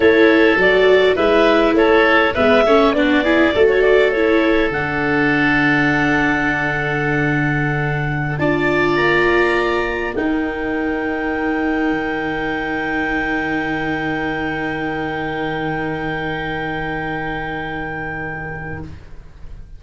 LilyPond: <<
  \new Staff \with { instrumentName = "clarinet" } { \time 4/4 \tempo 4 = 102 cis''4 d''4 e''4 cis''4 | e''4 d''4~ d''16 cis''16 d''8 cis''4 | fis''1~ | fis''2~ fis''16 a''4 ais''8.~ |
ais''4~ ais''16 g''2~ g''8.~ | g''1~ | g''1~ | g''1 | }
  \new Staff \with { instrumentName = "oboe" } { \time 4/4 a'2 b'4 a'4 | b'8 cis''8 fis'8 gis'8 a'2~ | a'1~ | a'2~ a'16 d''4.~ d''16~ |
d''4~ d''16 ais'2~ ais'8.~ | ais'1~ | ais'1~ | ais'1 | }
  \new Staff \with { instrumentName = "viola" } { \time 4/4 e'4 fis'4 e'2 | b8 cis'8 d'8 e'8 fis'4 e'4 | d'1~ | d'2~ d'16 f'4.~ f'16~ |
f'4~ f'16 dis'2~ dis'8.~ | dis'1~ | dis'1~ | dis'1 | }
  \new Staff \with { instrumentName = "tuba" } { \time 4/4 a4 fis4 gis4 a4 | gis8 a8 b4 a2 | d1~ | d2~ d16 d'4 ais8.~ |
ais4~ ais16 dis'2~ dis'8.~ | dis'16 dis2.~ dis8.~ | dis1~ | dis1 | }
>>